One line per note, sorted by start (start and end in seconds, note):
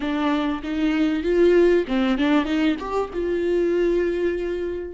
0.00 0.62 D4
0.63 1.23 D#4
1.23 1.84 F4
1.87 2.18 C4
2.18 2.45 D4
2.45 2.76 D#4
2.79 3.10 G4
3.13 4.93 F4